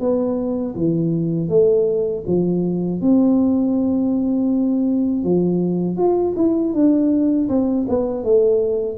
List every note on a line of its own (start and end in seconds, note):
0.00 0.75 B3
0.75 1.49 E3
1.49 2.24 A3
2.27 3.01 F3
3.01 5.24 C4
5.24 5.97 F3
5.97 6.34 F4
6.36 6.74 E4
6.74 7.49 D4
7.49 7.86 C4
7.89 8.24 B3
8.24 8.98 A3